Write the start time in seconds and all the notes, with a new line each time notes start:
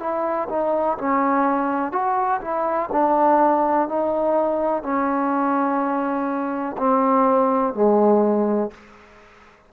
0.00 E4
0.49 D#4
0.99 C#4
1.92 F#4
2.41 E4
2.93 D4
3.88 D#4
4.83 C#4
6.78 C4
7.74 G#3